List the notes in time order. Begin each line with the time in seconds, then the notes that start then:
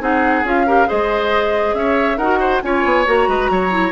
0.00 C4 D#4 G#4 F#5
0.43 C#4 F4 F5
0.67 G4 A#4
0.87 G#3 G#4 C5 D#5
1.74 C#4 C#5 E5
2.18 D#4 F#4 A#4 F#5
2.40 C5
2.62 C#4 F4 C#5 G#5
2.85 B3
3.06 A#3 F#4 A#5
3.28 G#3 B4
3.51 F#3 C#5
3.70 E4